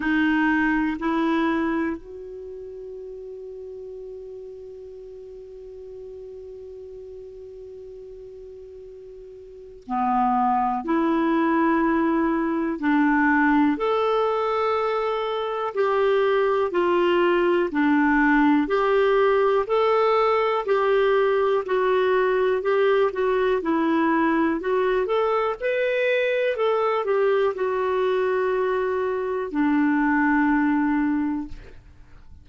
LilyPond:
\new Staff \with { instrumentName = "clarinet" } { \time 4/4 \tempo 4 = 61 dis'4 e'4 fis'2~ | fis'1~ | fis'2 b4 e'4~ | e'4 d'4 a'2 |
g'4 f'4 d'4 g'4 | a'4 g'4 fis'4 g'8 fis'8 | e'4 fis'8 a'8 b'4 a'8 g'8 | fis'2 d'2 | }